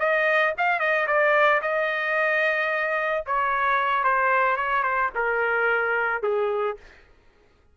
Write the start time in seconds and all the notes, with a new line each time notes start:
0.00 D#5
0.58 F5
0.80 D#5
1.08 D5
1.62 D#5
3.27 C#5
4.04 C5
4.57 C#5
4.84 C5
5.15 A#4
6.23 G#4